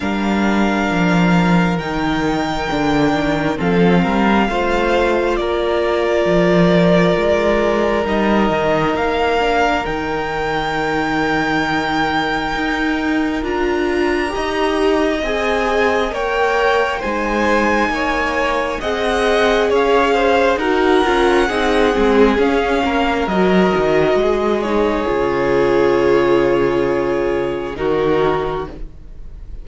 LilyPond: <<
  \new Staff \with { instrumentName = "violin" } { \time 4/4 \tempo 4 = 67 f''2 g''2 | f''2 d''2~ | d''4 dis''4 f''4 g''4~ | g''2. ais''4~ |
ais''4 gis''4 g''4 gis''4~ | gis''4 fis''4 f''4 fis''4~ | fis''4 f''4 dis''4. cis''8~ | cis''2. ais'4 | }
  \new Staff \with { instrumentName = "violin" } { \time 4/4 ais'1 | a'8 ais'8 c''4 ais'2~ | ais'1~ | ais'1 |
dis''2 cis''4 c''4 | cis''4 dis''4 cis''8 c''8 ais'4 | gis'4. ais'4. gis'4~ | gis'2. fis'4 | }
  \new Staff \with { instrumentName = "viola" } { \time 4/4 d'2 dis'4 d'4 | c'4 f'2.~ | f'4 dis'4. d'8 dis'4~ | dis'2. f'4 |
g'4 gis'4 ais'4 dis'4~ | dis'4 gis'2 fis'8 f'8 | dis'8 c'8 cis'4 fis'4. dis'8 | f'2. dis'4 | }
  \new Staff \with { instrumentName = "cello" } { \time 4/4 g4 f4 dis4 d8 dis8 | f8 g8 a4 ais4 f4 | gis4 g8 dis8 ais4 dis4~ | dis2 dis'4 d'4 |
dis'4 c'4 ais4 gis4 | ais4 c'4 cis'4 dis'8 cis'8 | c'8 gis8 cis'8 ais8 fis8 dis8 gis4 | cis2. dis4 | }
>>